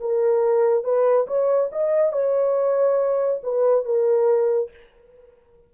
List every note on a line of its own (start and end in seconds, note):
0.00 0.84 A#4
0.84 1.27 B4
1.27 1.70 C#5
1.72 2.12 D#5
2.12 3.41 C#5
3.43 3.85 B4
3.85 4.71 A#4